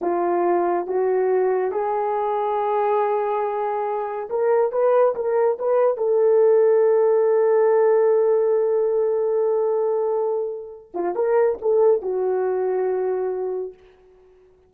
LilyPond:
\new Staff \with { instrumentName = "horn" } { \time 4/4 \tempo 4 = 140 f'2 fis'2 | gis'1~ | gis'2 ais'4 b'4 | ais'4 b'4 a'2~ |
a'1~ | a'1~ | a'4. f'8 ais'4 a'4 | fis'1 | }